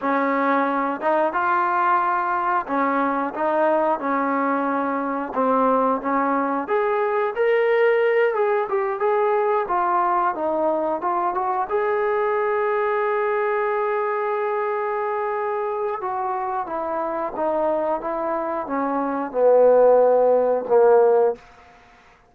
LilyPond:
\new Staff \with { instrumentName = "trombone" } { \time 4/4 \tempo 4 = 90 cis'4. dis'8 f'2 | cis'4 dis'4 cis'2 | c'4 cis'4 gis'4 ais'4~ | ais'8 gis'8 g'8 gis'4 f'4 dis'8~ |
dis'8 f'8 fis'8 gis'2~ gis'8~ | gis'1 | fis'4 e'4 dis'4 e'4 | cis'4 b2 ais4 | }